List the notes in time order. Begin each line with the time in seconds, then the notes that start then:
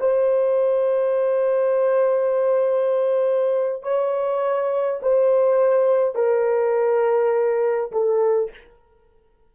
0.00 C5
3.82 C#5
5.02 C5
6.14 A#4
7.91 A4